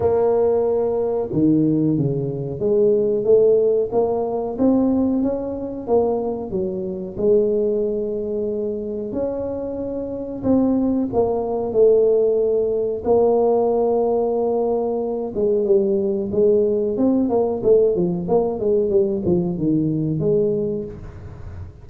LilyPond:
\new Staff \with { instrumentName = "tuba" } { \time 4/4 \tempo 4 = 92 ais2 dis4 cis4 | gis4 a4 ais4 c'4 | cis'4 ais4 fis4 gis4~ | gis2 cis'2 |
c'4 ais4 a2 | ais2.~ ais8 gis8 | g4 gis4 c'8 ais8 a8 f8 | ais8 gis8 g8 f8 dis4 gis4 | }